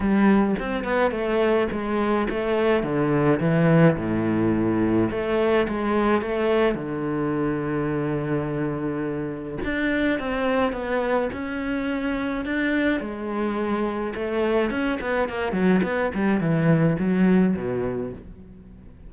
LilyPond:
\new Staff \with { instrumentName = "cello" } { \time 4/4 \tempo 4 = 106 g4 c'8 b8 a4 gis4 | a4 d4 e4 a,4~ | a,4 a4 gis4 a4 | d1~ |
d4 d'4 c'4 b4 | cis'2 d'4 gis4~ | gis4 a4 cis'8 b8 ais8 fis8 | b8 g8 e4 fis4 b,4 | }